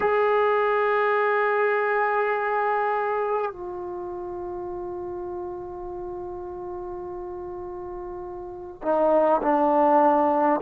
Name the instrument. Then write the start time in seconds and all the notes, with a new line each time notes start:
trombone
0.00 G#4
3.51 F4
8.82 D#4
9.42 D4